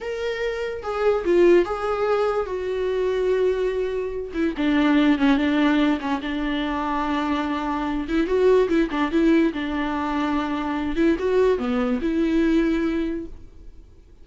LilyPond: \new Staff \with { instrumentName = "viola" } { \time 4/4 \tempo 4 = 145 ais'2 gis'4 f'4 | gis'2 fis'2~ | fis'2~ fis'8 e'8 d'4~ | d'8 cis'8 d'4. cis'8 d'4~ |
d'2.~ d'8 e'8 | fis'4 e'8 d'8 e'4 d'4~ | d'2~ d'8 e'8 fis'4 | b4 e'2. | }